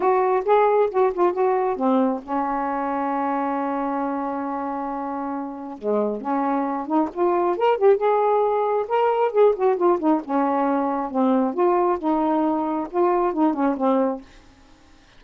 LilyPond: \new Staff \with { instrumentName = "saxophone" } { \time 4/4 \tempo 4 = 135 fis'4 gis'4 fis'8 f'8 fis'4 | c'4 cis'2.~ | cis'1~ | cis'4 gis4 cis'4. dis'8 |
f'4 ais'8 g'8 gis'2 | ais'4 gis'8 fis'8 f'8 dis'8 cis'4~ | cis'4 c'4 f'4 dis'4~ | dis'4 f'4 dis'8 cis'8 c'4 | }